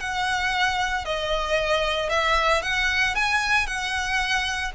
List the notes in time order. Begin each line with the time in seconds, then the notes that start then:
0.00 F#5
1.05 D#5
2.10 E5
2.62 F#5
3.15 G#5
3.67 F#5